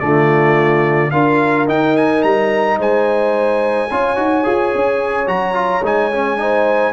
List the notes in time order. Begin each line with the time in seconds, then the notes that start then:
0.00 D3 A3 F4 D5
1.11 D4 F4 A#4 F5
1.68 D#4 G5
1.97 G#5
2.23 G3 A#5
2.79 G#3 C5 G#5
3.91 C#4 F4 C#5
4.16 D#4 F#4
4.44 F4 G#4
4.75 C#4
5.27 F#3 F#4 A#5
5.54 F4
5.83 G#3 D#4 G#5
6.12 C#4
6.38 D#4 C5